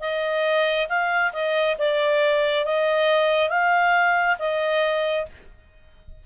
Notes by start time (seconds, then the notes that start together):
0.00 D#5
0.89 F5
1.32 D#5
1.78 D5
2.65 D#5
3.49 F5
4.39 D#5